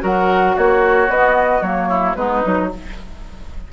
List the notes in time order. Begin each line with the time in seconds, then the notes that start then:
0.00 F#3 F#4 A#4 F#5
0.56 A#3 F#4 C#5
1.09 B3 D#5
1.62 F#3 A#3 C#5
1.89 E4
2.15 G#3 B3 D#4 B4
2.42 F#3 D#4